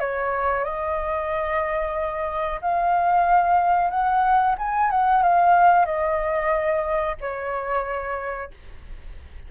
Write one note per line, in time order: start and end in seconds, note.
0.00 0.64 C#5
0.64 2.60 D#5
2.61 3.90 F5
3.90 4.56 F#5
4.58 4.91 G#5
4.91 5.23 F#5
5.23 5.86 F5
5.86 7.16 D#5
7.21 8.51 C#5